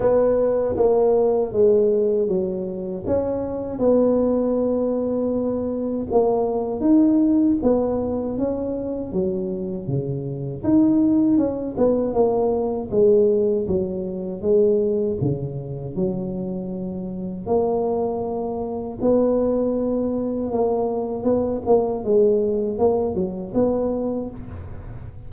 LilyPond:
\new Staff \with { instrumentName = "tuba" } { \time 4/4 \tempo 4 = 79 b4 ais4 gis4 fis4 | cis'4 b2. | ais4 dis'4 b4 cis'4 | fis4 cis4 dis'4 cis'8 b8 |
ais4 gis4 fis4 gis4 | cis4 fis2 ais4~ | ais4 b2 ais4 | b8 ais8 gis4 ais8 fis8 b4 | }